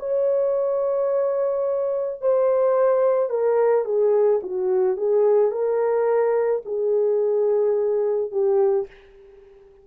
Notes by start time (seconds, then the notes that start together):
0.00 C#5
2.22 C5
3.30 A#4
3.85 G#4
4.43 F#4
4.97 G#4
5.52 A#4
6.66 G#4
8.31 G4